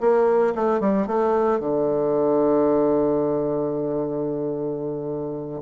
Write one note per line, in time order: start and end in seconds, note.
0.00 0.54 A#3
0.55 0.80 A3
0.80 1.07 G3
1.07 1.60 A3
1.60 5.62 D3